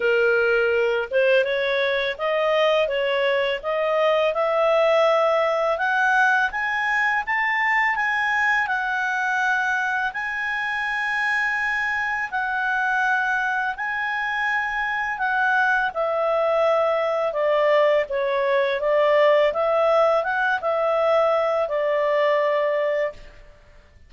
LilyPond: \new Staff \with { instrumentName = "clarinet" } { \time 4/4 \tempo 4 = 83 ais'4. c''8 cis''4 dis''4 | cis''4 dis''4 e''2 | fis''4 gis''4 a''4 gis''4 | fis''2 gis''2~ |
gis''4 fis''2 gis''4~ | gis''4 fis''4 e''2 | d''4 cis''4 d''4 e''4 | fis''8 e''4. d''2 | }